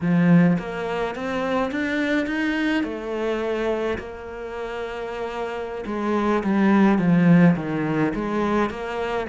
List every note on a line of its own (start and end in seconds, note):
0.00 0.57 F3
0.58 1.15 A#3
1.15 1.71 C4
1.71 2.26 D4
2.26 2.83 D#4
2.83 3.98 A3
3.98 5.84 A#3
5.86 6.43 G#3
6.43 6.98 G3
6.98 7.55 F3
7.56 8.13 D#3
8.15 8.69 G#3
8.69 9.26 A#3